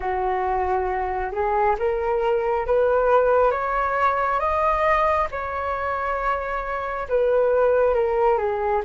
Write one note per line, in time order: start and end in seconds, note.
0.00 1.31 F#4
1.32 1.76 G#4
1.78 2.66 A#4
2.66 3.51 B4
3.51 4.39 C#5
4.39 5.27 D#5
5.31 7.07 C#5
7.08 7.94 B4
7.94 8.37 A#4
8.37 8.82 G#4